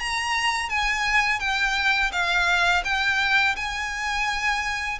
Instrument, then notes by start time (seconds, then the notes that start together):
violin
0.00 A#5
0.69 G#5
1.40 G5
2.12 F5
2.85 G5
3.56 G#5